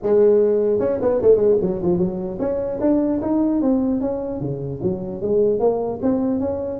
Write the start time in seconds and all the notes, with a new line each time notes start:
0.02 G#3
0.79 C#4
1.01 B3
1.21 A3
1.36 G#3
1.61 F#3
1.82 F3
1.98 F#3
2.39 C#4
2.80 D4
3.21 D#4
3.61 C4
4.01 C#4
4.40 C#3
4.82 F#3
5.21 G#3
5.59 A#3
6.02 C4
6.39 C#4